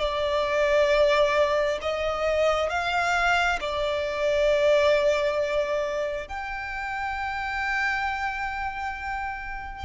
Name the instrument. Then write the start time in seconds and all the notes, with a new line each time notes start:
violin
0.00 D5
1.82 D#5
2.70 F5
3.61 D5
6.28 G5